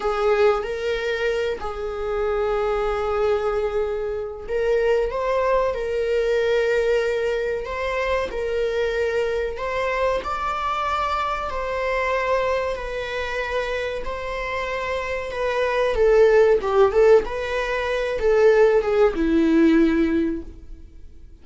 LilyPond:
\new Staff \with { instrumentName = "viola" } { \time 4/4 \tempo 4 = 94 gis'4 ais'4. gis'4.~ | gis'2. ais'4 | c''4 ais'2. | c''4 ais'2 c''4 |
d''2 c''2 | b'2 c''2 | b'4 a'4 g'8 a'8 b'4~ | b'8 a'4 gis'8 e'2 | }